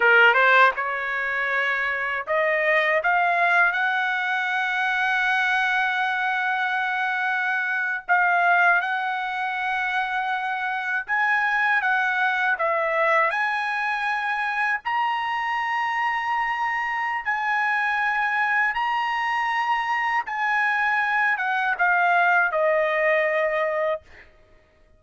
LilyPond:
\new Staff \with { instrumentName = "trumpet" } { \time 4/4 \tempo 4 = 80 ais'8 c''8 cis''2 dis''4 | f''4 fis''2.~ | fis''2~ fis''8. f''4 fis''16~ | fis''2~ fis''8. gis''4 fis''16~ |
fis''8. e''4 gis''2 ais''16~ | ais''2. gis''4~ | gis''4 ais''2 gis''4~ | gis''8 fis''8 f''4 dis''2 | }